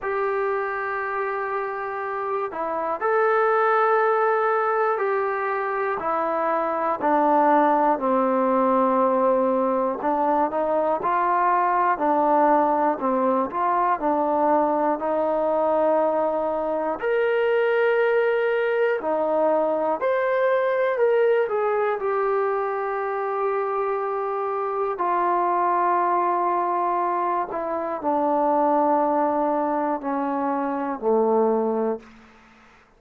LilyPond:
\new Staff \with { instrumentName = "trombone" } { \time 4/4 \tempo 4 = 60 g'2~ g'8 e'8 a'4~ | a'4 g'4 e'4 d'4 | c'2 d'8 dis'8 f'4 | d'4 c'8 f'8 d'4 dis'4~ |
dis'4 ais'2 dis'4 | c''4 ais'8 gis'8 g'2~ | g'4 f'2~ f'8 e'8 | d'2 cis'4 a4 | }